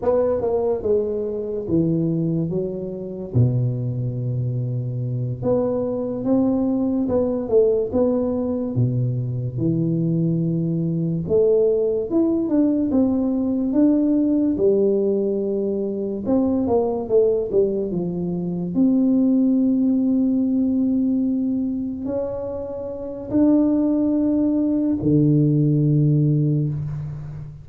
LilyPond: \new Staff \with { instrumentName = "tuba" } { \time 4/4 \tempo 4 = 72 b8 ais8 gis4 e4 fis4 | b,2~ b,8 b4 c'8~ | c'8 b8 a8 b4 b,4 e8~ | e4. a4 e'8 d'8 c'8~ |
c'8 d'4 g2 c'8 | ais8 a8 g8 f4 c'4.~ | c'2~ c'8 cis'4. | d'2 d2 | }